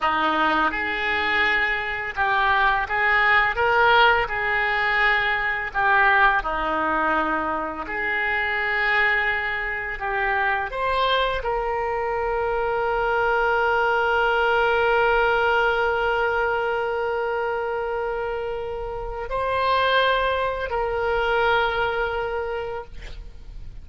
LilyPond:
\new Staff \with { instrumentName = "oboe" } { \time 4/4 \tempo 4 = 84 dis'4 gis'2 g'4 | gis'4 ais'4 gis'2 | g'4 dis'2 gis'4~ | gis'2 g'4 c''4 |
ais'1~ | ais'1~ | ais'2. c''4~ | c''4 ais'2. | }